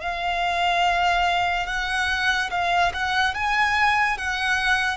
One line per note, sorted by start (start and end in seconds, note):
0.00 1.66 F5
1.66 2.50 F#5
2.50 2.92 F5
2.93 3.34 F#5
3.34 4.17 G#5
4.18 4.97 F#5